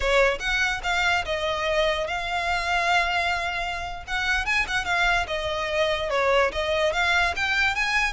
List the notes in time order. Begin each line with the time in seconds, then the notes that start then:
0.00 C#5
0.39 F#5
0.83 F5
1.25 D#5
2.07 F5
4.07 F#5
4.45 G#5
4.67 F#5
4.85 F5
5.27 D#5
6.10 C#5
6.52 D#5
6.93 F5
7.36 G5
7.75 G#5